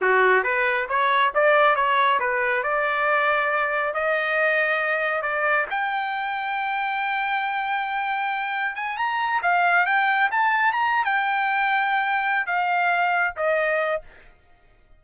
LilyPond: \new Staff \with { instrumentName = "trumpet" } { \time 4/4 \tempo 4 = 137 fis'4 b'4 cis''4 d''4 | cis''4 b'4 d''2~ | d''4 dis''2. | d''4 g''2.~ |
g''1 | gis''8 ais''4 f''4 g''4 a''8~ | a''8 ais''8. g''2~ g''8.~ | g''8 f''2 dis''4. | }